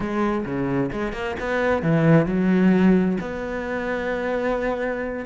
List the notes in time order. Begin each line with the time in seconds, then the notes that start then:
0.00 G#3
0.45 C#3
0.92 G#3
1.12 A#3
1.39 B3
1.82 E3
2.25 F#3
3.20 B3